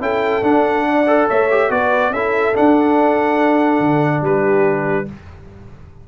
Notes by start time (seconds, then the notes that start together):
0.00 C#4 E4 A4 G5
0.42 D4 F#5
0.88 D5
1.07 A4
1.29 A3 C#5 E5
1.51 G4
1.70 B3 F#4 B4 D5
2.10 C#4 E4 A4 E5
2.54 D4 F#5
3.80 D3
4.21 G3 G4 B4